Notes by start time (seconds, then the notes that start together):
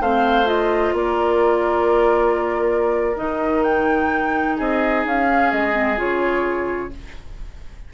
0.00 A3 C4 C5 F5
0.45 F4 D#5
0.93 A#3 A#4 D5
3.16 D#3 D#4 D#5
3.63 G5
4.56 C4 G#4 D#5
5.05 C#4 F5
5.27 C#4
5.52 G#3 D#5
5.72 C4
5.96 C#3 F4 C#5